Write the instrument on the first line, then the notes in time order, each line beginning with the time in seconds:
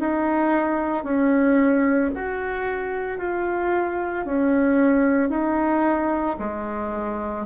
bassoon
0.00 D#4
1.04 C#4
2.15 F#4
3.19 F4
4.26 C#4
5.29 D#4
6.39 G#3